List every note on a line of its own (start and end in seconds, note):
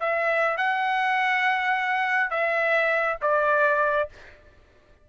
0.00 0.57 E5
0.57 2.30 F#5
2.30 3.18 E5
3.22 4.09 D5